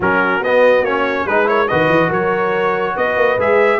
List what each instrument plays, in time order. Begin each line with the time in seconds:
0.00 tuba F#3, trombone C#4, horn F#4, trumpet A#4
0.40 tuba B3, trombone B3, trumpet D#5
0.82 tuba A#3, trombone C#4, trumpet C#5
1.25 tuba G#3, trombone D#4, horn G#4, trumpet B4
1.45 trombone E4, horn A#4, trumpet C#5
1.68 tuba D#3, trombone F#4, horn B4, trumpet D#5
1.88 tuba E3
2.08 tuba F#3, horn A#4, trumpet C#5
2.95 tuba B3, horn B4, trumpet D#5
3.16 tuba A#3
3.37 tuba G#3, trombone G#4, trumpet E5